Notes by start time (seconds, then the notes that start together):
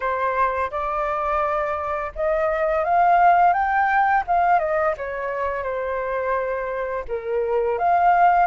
0.00 C5
0.71 D5
2.15 D#5
2.84 F5
3.53 G5
4.27 F5
4.59 D#5
4.97 C#5
5.63 C5
7.07 A#4
7.78 F5